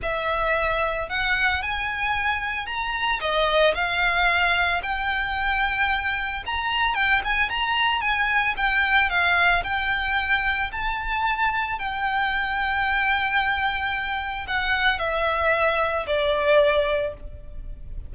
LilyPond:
\new Staff \with { instrumentName = "violin" } { \time 4/4 \tempo 4 = 112 e''2 fis''4 gis''4~ | gis''4 ais''4 dis''4 f''4~ | f''4 g''2. | ais''4 g''8 gis''8 ais''4 gis''4 |
g''4 f''4 g''2 | a''2 g''2~ | g''2. fis''4 | e''2 d''2 | }